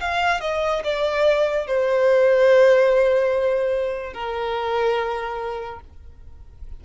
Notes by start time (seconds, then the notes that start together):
0.00 F5
0.41 D#5
0.84 D5
1.67 C5
4.13 A#4